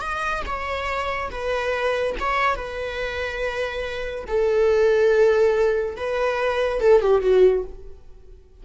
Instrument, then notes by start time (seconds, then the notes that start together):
viola
0.00 D#5
0.46 C#5
1.30 B4
2.19 C#5
2.55 B4
4.27 A4
5.96 B4
6.80 A4
7.01 G4
7.21 F#4